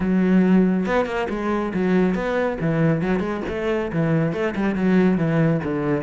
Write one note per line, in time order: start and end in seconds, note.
0.00 0.86 F#3
0.86 1.05 B3
1.05 1.27 A#3
1.29 1.72 G#3
1.74 2.14 F#3
2.14 2.58 B3
2.60 3.01 E3
3.01 3.19 F#3
3.19 3.41 G#3
3.48 3.91 A3
3.92 4.32 E3
4.32 4.54 A3
4.55 4.75 G3
4.75 5.17 F#3
5.17 5.60 E3
5.63 6.03 D3